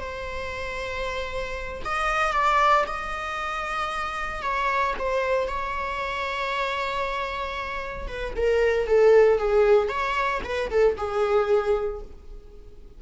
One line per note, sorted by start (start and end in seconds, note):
0.00 1.83 C5
1.85 2.33 D#5
2.33 2.85 D5
2.87 4.42 D#5
4.42 4.94 C#5
4.99 5.48 C5
5.48 8.08 C#5
8.08 8.34 B4
8.36 8.87 A#4
8.87 9.39 A4
9.39 9.89 G#4
9.89 10.41 C#5
10.44 10.70 B4
10.71 10.97 A4
10.98 12.02 G#4